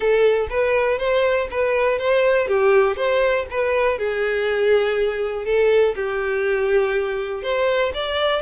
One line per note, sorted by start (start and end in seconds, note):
0.00 0.48 A4
0.50 0.98 B4
0.98 1.47 C5
1.50 1.98 B4
1.98 2.47 C5
2.47 2.96 G4
2.96 3.46 C5
3.50 3.98 B4
3.98 5.45 G#4
5.45 5.95 A4
5.95 7.42 G4
7.42 7.92 C5
7.94 8.41 D5